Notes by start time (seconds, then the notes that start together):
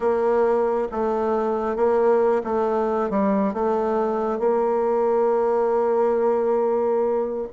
0.00 A#3
0.91 A3
1.76 A#3
2.43 A3
3.10 G3
3.53 A3
4.39 A#3